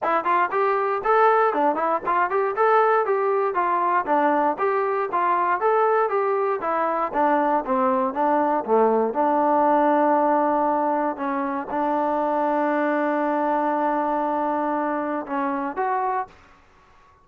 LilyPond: \new Staff \with { instrumentName = "trombone" } { \time 4/4 \tempo 4 = 118 e'8 f'8 g'4 a'4 d'8 e'8 | f'8 g'8 a'4 g'4 f'4 | d'4 g'4 f'4 a'4 | g'4 e'4 d'4 c'4 |
d'4 a4 d'2~ | d'2 cis'4 d'4~ | d'1~ | d'2 cis'4 fis'4 | }